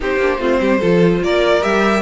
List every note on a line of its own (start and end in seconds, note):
0.00 0.17 C4
0.00 0.19 D#4
0.00 0.39 G4
0.00 1.23 C5
0.17 0.37 A#3
0.17 0.39 D4
0.39 0.59 A3
0.39 0.79 C4
0.39 0.59 F4
0.60 0.81 G3
0.60 0.79 G4
0.79 1.22 F3
0.79 1.61 F4
0.79 1.20 A4
1.22 1.63 A#3
1.22 2.01 A#4
1.22 1.62 D5
1.61 2.01 G3
1.61 2.01 G4
1.61 2.01 E5